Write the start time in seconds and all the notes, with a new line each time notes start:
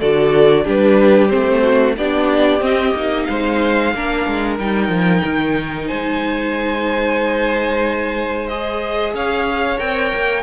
0.00 D3 F#4 A4 D5
0.64 G3 D4 G4 B4
1.29 C4 C5
1.35 A3
1.62 F#4
1.97 B3 D4 G4 D5
2.60 C4 D#5
2.95 A#3 D#4
3.25 G#3 C5 F5
3.93 A#3 D4 A#4
4.27 G#3
4.59 G3 D#4 G5
4.88 F3
5.24 D#3
5.87 G#3 C5 G#5
8.47 G#4 D#5
9.14 C#4 C#5 F5
9.78 C4 A#4 G5
10.14 A#3